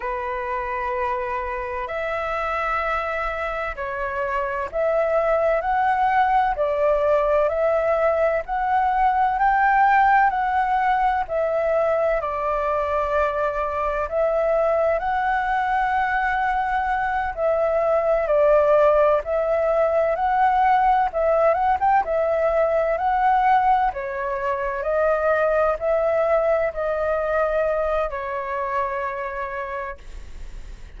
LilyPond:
\new Staff \with { instrumentName = "flute" } { \time 4/4 \tempo 4 = 64 b'2 e''2 | cis''4 e''4 fis''4 d''4 | e''4 fis''4 g''4 fis''4 | e''4 d''2 e''4 |
fis''2~ fis''8 e''4 d''8~ | d''8 e''4 fis''4 e''8 fis''16 g''16 e''8~ | e''8 fis''4 cis''4 dis''4 e''8~ | e''8 dis''4. cis''2 | }